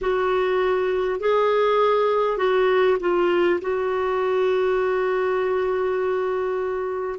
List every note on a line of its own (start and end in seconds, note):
0.01 1.20 F#4
1.20 2.37 G#4
2.37 2.97 F#4
2.99 3.59 F4
3.61 7.19 F#4